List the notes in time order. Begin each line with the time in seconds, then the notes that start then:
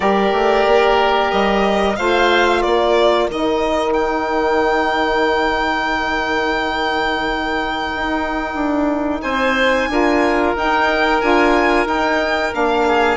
0.00 G3 G4 A#4 D5
0.32 A3
0.66 A#3
1.31 G3 D#5
1.96 A3 F4 C5 F5
2.62 A#3 A#4 D5
3.29 D#3 D#4 D#5
3.93 G5
7.96 D#4
8.54 D4
9.21 C4 C5 G#5
9.88 D4 F4 A#4
10.55 D#4 G5
11.21 D4 F4 G#5
11.85 D#4 G5
12.51 A#3 D4 F5
12.87 G#4